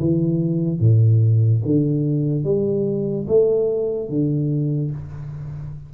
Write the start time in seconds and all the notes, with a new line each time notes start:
0.00 E3
0.80 A2
1.66 D3
2.44 G3
3.28 A3
4.09 D3